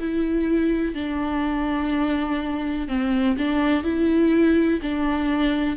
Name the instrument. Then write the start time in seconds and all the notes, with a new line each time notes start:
viola
0.00 E4
0.95 D4
2.89 C4
3.38 D4
3.84 E4
4.82 D4